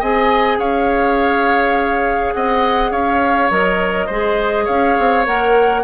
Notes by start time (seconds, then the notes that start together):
0.00 C4 G#4 D#5 G#5
0.58 C#4 C#5 F5
2.34 C4 D#5 F#5
2.91 C#4 C#5 F5
3.50 F#3 A#4 D#5
4.07 G#3 G#4 C5
4.65 C#4 C#5 F5
4.98 C4
5.25 A#3 A#4 F#5